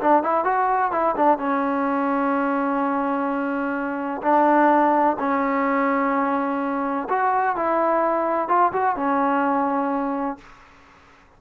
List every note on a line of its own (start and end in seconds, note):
0.00 0.23 D4
0.23 0.44 E4
0.44 0.91 F#4
0.91 1.15 E4
1.16 1.38 D4
1.38 4.21 C#4
4.22 5.16 D4
5.19 7.08 C#4
7.09 7.56 F#4
7.56 8.48 E4
8.48 8.72 F4
8.72 8.96 F#4
8.96 10.38 C#4